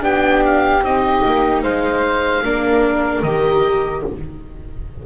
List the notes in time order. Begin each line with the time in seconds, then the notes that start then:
0.00 B3 D4 G4 G5
0.45 F5
0.82 C4 D#4 D#5
1.25 A#3
1.62 G#3 C5 F5
2.43 A#3 D4 A#4
3.22 D#3 G4 D#5